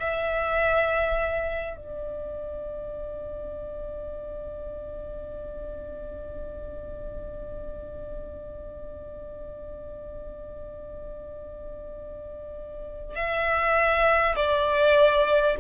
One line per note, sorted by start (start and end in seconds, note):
0.00 1.77 E5
1.77 13.16 D5
13.16 14.36 E5
14.36 15.56 D5